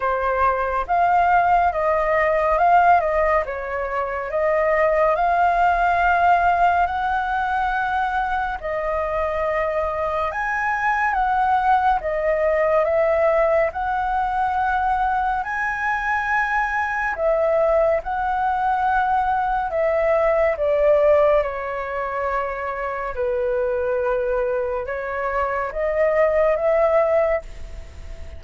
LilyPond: \new Staff \with { instrumentName = "flute" } { \time 4/4 \tempo 4 = 70 c''4 f''4 dis''4 f''8 dis''8 | cis''4 dis''4 f''2 | fis''2 dis''2 | gis''4 fis''4 dis''4 e''4 |
fis''2 gis''2 | e''4 fis''2 e''4 | d''4 cis''2 b'4~ | b'4 cis''4 dis''4 e''4 | }